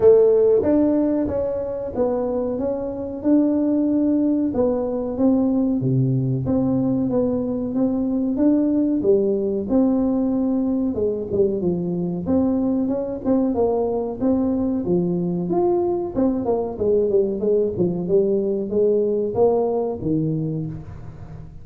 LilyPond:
\new Staff \with { instrumentName = "tuba" } { \time 4/4 \tempo 4 = 93 a4 d'4 cis'4 b4 | cis'4 d'2 b4 | c'4 c4 c'4 b4 | c'4 d'4 g4 c'4~ |
c'4 gis8 g8 f4 c'4 | cis'8 c'8 ais4 c'4 f4 | f'4 c'8 ais8 gis8 g8 gis8 f8 | g4 gis4 ais4 dis4 | }